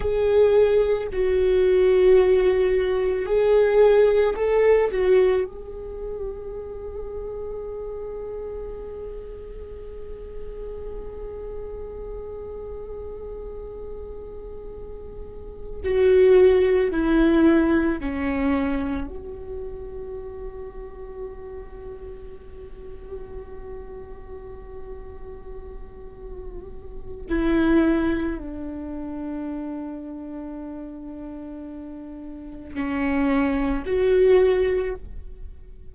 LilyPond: \new Staff \with { instrumentName = "viola" } { \time 4/4 \tempo 4 = 55 gis'4 fis'2 gis'4 | a'8 fis'8 gis'2.~ | gis'1~ | gis'2~ gis'8 fis'4 e'8~ |
e'8 cis'4 fis'2~ fis'8~ | fis'1~ | fis'4 e'4 d'2~ | d'2 cis'4 fis'4 | }